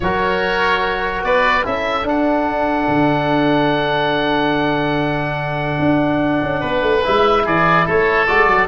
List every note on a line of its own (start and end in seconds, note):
0.00 1.23 F#3
0.00 1.63 F#4
0.00 1.25 A#4
0.00 1.22 C#5
1.23 1.64 B3
1.23 1.66 B4
1.23 1.65 D5
1.63 2.03 C#4
1.63 2.04 E4
1.63 6.60 A4
1.63 2.07 E5
2.03 2.86 D4
2.03 7.00 D4
2.03 7.04 F#5
2.88 5.77 D3
5.79 6.41 D4
6.41 6.62 C#4
6.60 6.81 B3
6.60 7.42 B4
6.81 7.02 A3
7.04 7.45 G#3
7.04 8.27 E4
7.04 7.46 E5
7.44 7.86 E3
7.44 7.85 G#4
7.44 7.88 D5
7.85 8.28 A3
7.85 8.67 A4
7.85 8.26 C#5
8.26 8.45 G#3
8.26 8.67 F#4
8.26 8.67 D5
8.45 8.66 F#3